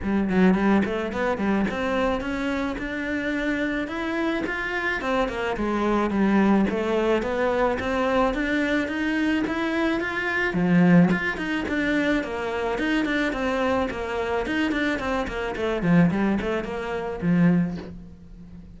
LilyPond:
\new Staff \with { instrumentName = "cello" } { \time 4/4 \tempo 4 = 108 g8 fis8 g8 a8 b8 g8 c'4 | cis'4 d'2 e'4 | f'4 c'8 ais8 gis4 g4 | a4 b4 c'4 d'4 |
dis'4 e'4 f'4 f4 | f'8 dis'8 d'4 ais4 dis'8 d'8 | c'4 ais4 dis'8 d'8 c'8 ais8 | a8 f8 g8 a8 ais4 f4 | }